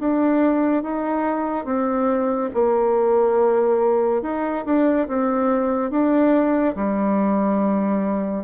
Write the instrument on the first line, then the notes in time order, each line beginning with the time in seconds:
bassoon
0.00 D4
0.84 D#4
1.66 C4
2.54 A#3
4.23 D#4
4.66 D4
5.09 C4
5.91 D4
6.76 G3